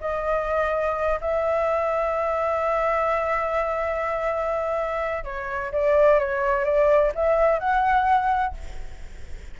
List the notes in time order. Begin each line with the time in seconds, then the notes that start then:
0.00 D#5
1.20 E5
5.24 C#5
5.71 D5
6.19 C#5
6.64 D5
7.15 E5
7.59 F#5